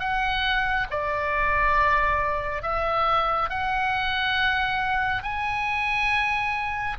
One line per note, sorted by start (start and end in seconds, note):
0.00 0.87 F#5
0.91 2.62 D5
2.62 3.49 E5
3.50 5.23 F#5
5.23 6.97 G#5